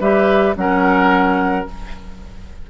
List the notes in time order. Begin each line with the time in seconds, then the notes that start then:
0.00 G3 G4 B4 E5
0.56 F#3 C#4 A#4 F#5